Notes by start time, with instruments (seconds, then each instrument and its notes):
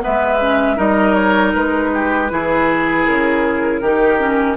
0.00 clarinet B3, oboe B4, flute E5
0.06 bassoon G#3
0.41 clarinet C#4
0.76 bassoon G3, clarinet D#4, oboe A#4, flute D#5
1.14 flute C#5
1.54 bassoon G#3, flute B4
1.93 oboe G4
2.29 bassoon E3, clarinet E4, oboe G#4
3.05 bassoon C#3, flute A#4
3.81 bassoon D#3, clarinet D#4, oboe G4
4.18 clarinet C#4